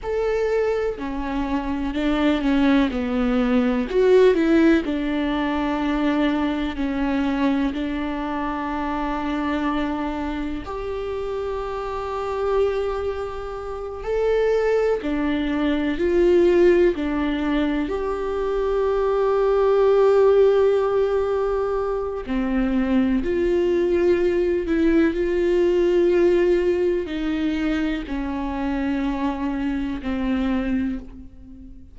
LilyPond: \new Staff \with { instrumentName = "viola" } { \time 4/4 \tempo 4 = 62 a'4 cis'4 d'8 cis'8 b4 | fis'8 e'8 d'2 cis'4 | d'2. g'4~ | g'2~ g'8 a'4 d'8~ |
d'8 f'4 d'4 g'4.~ | g'2. c'4 | f'4. e'8 f'2 | dis'4 cis'2 c'4 | }